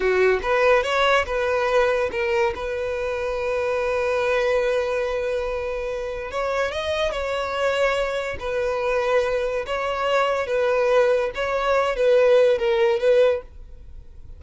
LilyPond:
\new Staff \with { instrumentName = "violin" } { \time 4/4 \tempo 4 = 143 fis'4 b'4 cis''4 b'4~ | b'4 ais'4 b'2~ | b'1~ | b'2. cis''4 |
dis''4 cis''2. | b'2. cis''4~ | cis''4 b'2 cis''4~ | cis''8 b'4. ais'4 b'4 | }